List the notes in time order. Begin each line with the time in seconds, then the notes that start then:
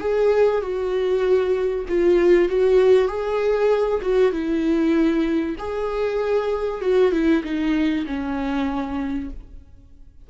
0.00 G#4
0.62 F#4
1.89 F4
2.49 F#4
3.08 G#4
4.02 F#4
4.32 E4
5.58 G#4
6.81 F#4
7.12 E4
7.44 D#4
8.06 C#4